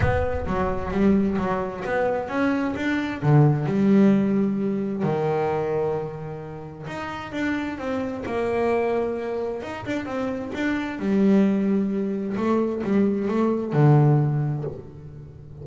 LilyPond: \new Staff \with { instrumentName = "double bass" } { \time 4/4 \tempo 4 = 131 b4 fis4 g4 fis4 | b4 cis'4 d'4 d4 | g2. dis4~ | dis2. dis'4 |
d'4 c'4 ais2~ | ais4 dis'8 d'8 c'4 d'4 | g2. a4 | g4 a4 d2 | }